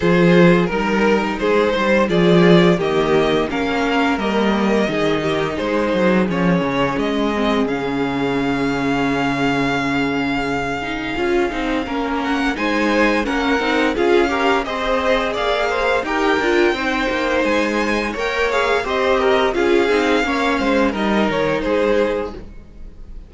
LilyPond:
<<
  \new Staff \with { instrumentName = "violin" } { \time 4/4 \tempo 4 = 86 c''4 ais'4 c''4 d''4 | dis''4 f''4 dis''2 | c''4 cis''4 dis''4 f''4~ | f''1~ |
f''4. fis''8 gis''4 fis''4 | f''4 dis''4 f''4 g''4~ | g''4 gis''4 g''8 f''8 dis''4 | f''2 dis''8 cis''8 c''4 | }
  \new Staff \with { instrumentName = "violin" } { \time 4/4 gis'4 ais'4 gis'8 c''8 gis'4 | g'4 ais'2 gis'8 g'8 | gis'1~ | gis'1~ |
gis'4 ais'4 c''4 ais'4 | gis'8 ais'8 c''4 d''8 c''8 ais'4 | c''2 cis''4 c''8 ais'8 | gis'4 cis''8 c''8 ais'4 gis'4 | }
  \new Staff \with { instrumentName = "viola" } { \time 4/4 f'4 dis'2 f'4 | ais4 cis'4 ais4 dis'4~ | dis'4 cis'4. c'8 cis'4~ | cis'2.~ cis'8 dis'8 |
f'8 dis'8 cis'4 dis'4 cis'8 dis'8 | f'8 g'8 gis'2 g'8 f'8 | dis'2 ais'8 gis'8 g'4 | f'8 dis'8 cis'4 dis'2 | }
  \new Staff \with { instrumentName = "cello" } { \time 4/4 f4 g4 gis8 g8 f4 | dis4 ais4 g4 dis4 | gis8 fis8 f8 cis8 gis4 cis4~ | cis1 |
cis'8 c'8 ais4 gis4 ais8 c'8 | cis'4 c'4 ais4 dis'8 d'8 | c'8 ais8 gis4 ais4 c'4 | cis'8 c'8 ais8 gis8 g8 dis8 gis4 | }
>>